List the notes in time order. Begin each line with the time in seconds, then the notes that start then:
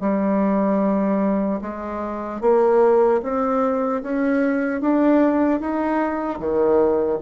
0.00 G3
1.61 G#3
2.41 A#3
3.23 C4
4.03 C#4
4.81 D4
5.60 D#4
6.39 D#3